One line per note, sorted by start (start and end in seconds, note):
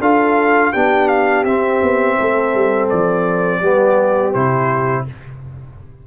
0.00 0.72 D4
0.00 0.73 F4
0.00 0.73 A4
0.00 0.73 F5
0.73 1.44 B3
0.73 1.46 D4
0.73 2.17 G4
0.73 1.08 G5
1.08 1.44 F5
1.44 1.80 C4
1.44 3.63 C4
1.44 2.89 E5
1.82 2.18 B3
2.19 2.54 A3
2.19 3.60 A4
2.54 2.90 G3
2.89 3.62 F3
2.89 4.33 D5
3.60 4.35 G3
3.60 4.34 B3
3.60 5.05 G4
4.33 5.07 C3
4.33 5.07 E4
4.33 5.06 C5